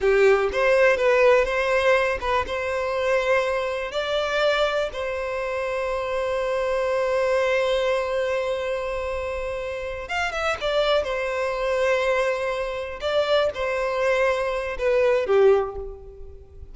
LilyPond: \new Staff \with { instrumentName = "violin" } { \time 4/4 \tempo 4 = 122 g'4 c''4 b'4 c''4~ | c''8 b'8 c''2. | d''2 c''2~ | c''1~ |
c''1~ | c''8 f''8 e''8 d''4 c''4.~ | c''2~ c''8 d''4 c''8~ | c''2 b'4 g'4 | }